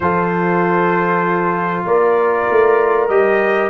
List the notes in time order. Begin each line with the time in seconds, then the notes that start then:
0.00 F3 F4 A4 C5
1.85 A#3 A#4 D5
2.50 A3
3.08 G3 G4 D#5